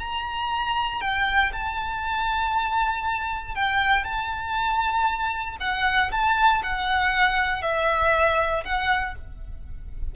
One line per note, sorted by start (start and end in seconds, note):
0.00 1.01 A#5
1.01 1.52 G5
1.53 3.56 A5
3.56 4.05 G5
4.05 5.57 A5
5.60 6.11 F#5
6.12 6.63 A5
6.63 7.63 F#5
7.63 8.64 E5
8.65 9.16 F#5